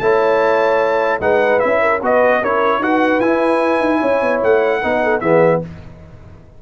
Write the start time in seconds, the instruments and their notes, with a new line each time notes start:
0.00 tuba A3, trombone E4, horn C#5, trumpet A5
1.20 tuba G#3, trombone D#4, horn B4, trumpet F#5
1.60 tuba C#4, trombone E4, trumpet E5
1.82 horn A#4
2.00 tuba B3, trombone F#4, horn B4, trumpet D#5
2.41 tuba C#4, trombone E4, horn A#4, trumpet C#5
2.79 tuba D#4, trombone F#4, horn B4, trumpet F#5
3.20 tuba E4, trombone E4, trumpet G#5
3.80 tuba D#4
4.00 tuba C#4, horn C#5
4.21 tuba B3
4.43 tuba A3, trumpet F#5
4.82 tuba B3, trombone D#4, horn B4
5.04 horn A4
5.21 tuba E3, trombone B3, horn G#4, trumpet E5